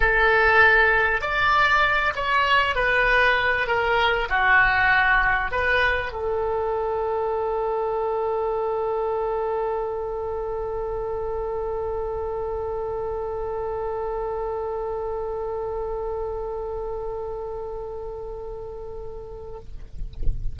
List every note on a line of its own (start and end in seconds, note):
0.00 1.21 A4
1.21 2.13 D5
2.15 2.75 C#5
2.75 3.67 B4
3.67 4.28 A#4
4.29 5.51 F#4
5.51 6.12 B4
6.12 19.59 A4